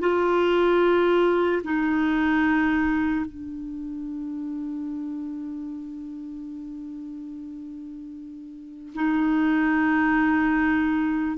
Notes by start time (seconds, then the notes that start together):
0.00 F4
1.64 D#4
3.25 D4
8.95 D#4